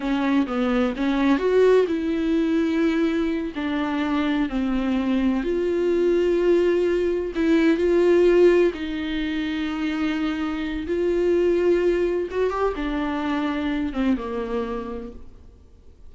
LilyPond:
\new Staff \with { instrumentName = "viola" } { \time 4/4 \tempo 4 = 127 cis'4 b4 cis'4 fis'4 | e'2.~ e'8 d'8~ | d'4. c'2 f'8~ | f'2.~ f'8 e'8~ |
e'8 f'2 dis'4.~ | dis'2. f'4~ | f'2 fis'8 g'8 d'4~ | d'4. c'8 ais2 | }